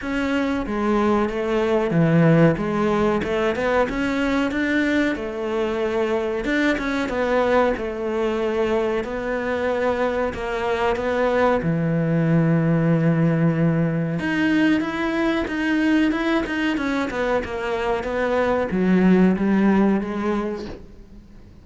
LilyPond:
\new Staff \with { instrumentName = "cello" } { \time 4/4 \tempo 4 = 93 cis'4 gis4 a4 e4 | gis4 a8 b8 cis'4 d'4 | a2 d'8 cis'8 b4 | a2 b2 |
ais4 b4 e2~ | e2 dis'4 e'4 | dis'4 e'8 dis'8 cis'8 b8 ais4 | b4 fis4 g4 gis4 | }